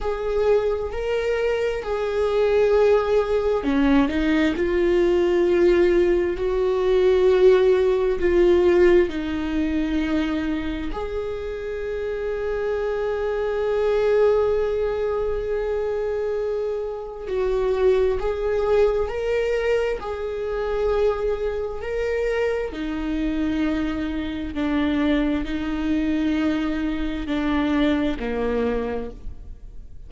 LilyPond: \new Staff \with { instrumentName = "viola" } { \time 4/4 \tempo 4 = 66 gis'4 ais'4 gis'2 | cis'8 dis'8 f'2 fis'4~ | fis'4 f'4 dis'2 | gis'1~ |
gis'2. fis'4 | gis'4 ais'4 gis'2 | ais'4 dis'2 d'4 | dis'2 d'4 ais4 | }